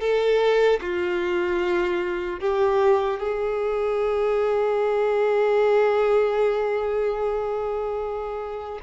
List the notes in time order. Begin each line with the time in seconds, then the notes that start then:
0.00 A4
0.81 F4
2.40 G4
3.19 G#4